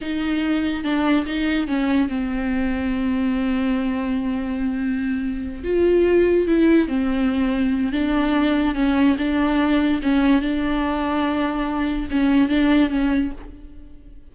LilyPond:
\new Staff \with { instrumentName = "viola" } { \time 4/4 \tempo 4 = 144 dis'2 d'4 dis'4 | cis'4 c'2.~ | c'1~ | c'4. f'2 e'8~ |
e'8 c'2~ c'8 d'4~ | d'4 cis'4 d'2 | cis'4 d'2.~ | d'4 cis'4 d'4 cis'4 | }